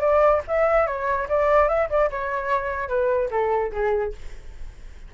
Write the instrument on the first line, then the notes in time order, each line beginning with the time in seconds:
flute
0.00 D5
0.47 E5
0.87 C#5
1.29 D5
1.68 E5
1.89 D5
2.10 C#5
2.88 B4
3.31 A4
3.72 G#4